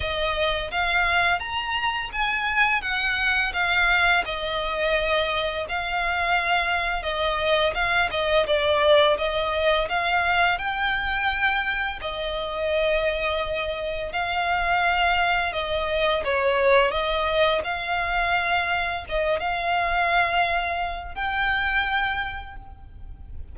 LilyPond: \new Staff \with { instrumentName = "violin" } { \time 4/4 \tempo 4 = 85 dis''4 f''4 ais''4 gis''4 | fis''4 f''4 dis''2 | f''2 dis''4 f''8 dis''8 | d''4 dis''4 f''4 g''4~ |
g''4 dis''2. | f''2 dis''4 cis''4 | dis''4 f''2 dis''8 f''8~ | f''2 g''2 | }